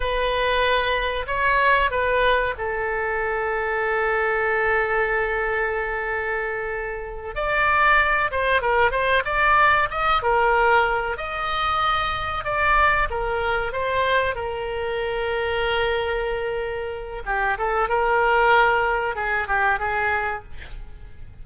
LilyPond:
\new Staff \with { instrumentName = "oboe" } { \time 4/4 \tempo 4 = 94 b'2 cis''4 b'4 | a'1~ | a'2.~ a'8 d''8~ | d''4 c''8 ais'8 c''8 d''4 dis''8 |
ais'4. dis''2 d''8~ | d''8 ais'4 c''4 ais'4.~ | ais'2. g'8 a'8 | ais'2 gis'8 g'8 gis'4 | }